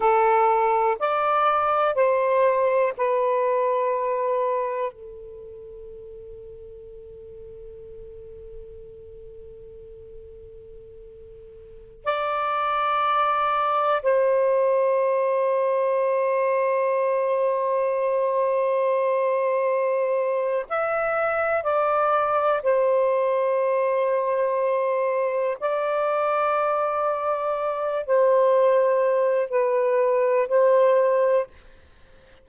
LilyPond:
\new Staff \with { instrumentName = "saxophone" } { \time 4/4 \tempo 4 = 61 a'4 d''4 c''4 b'4~ | b'4 a'2.~ | a'1~ | a'16 d''2 c''4.~ c''16~ |
c''1~ | c''4 e''4 d''4 c''4~ | c''2 d''2~ | d''8 c''4. b'4 c''4 | }